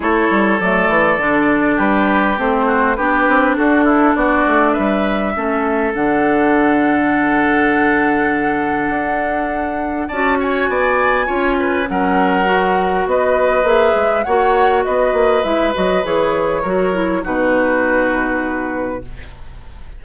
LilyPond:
<<
  \new Staff \with { instrumentName = "flute" } { \time 4/4 \tempo 4 = 101 cis''4 d''2 b'4 | c''4 b'4 a'4 d''4 | e''2 fis''2~ | fis''1~ |
fis''4 a''8 gis''2~ gis''8 | fis''2 dis''4 e''4 | fis''4 dis''4 e''8 dis''8 cis''4~ | cis''4 b'2. | }
  \new Staff \with { instrumentName = "oboe" } { \time 4/4 a'2. g'4~ | g'8 fis'8 g'4 fis'8 e'8 fis'4 | b'4 a'2.~ | a'1~ |
a'4 d''8 cis''8 d''4 cis''8 b'8 | ais'2 b'2 | cis''4 b'2. | ais'4 fis'2. | }
  \new Staff \with { instrumentName = "clarinet" } { \time 4/4 e'4 a4 d'2 | c'4 d'2.~ | d'4 cis'4 d'2~ | d'1~ |
d'4 fis'2 f'4 | cis'4 fis'2 gis'4 | fis'2 e'8 fis'8 gis'4 | fis'8 e'8 dis'2. | }
  \new Staff \with { instrumentName = "bassoon" } { \time 4/4 a8 g8 fis8 e8 d4 g4 | a4 b8 c'8 d'4 b8 a8 | g4 a4 d2~ | d2. d'4~ |
d'4 cis'4 b4 cis'4 | fis2 b4 ais8 gis8 | ais4 b8 ais8 gis8 fis8 e4 | fis4 b,2. | }
>>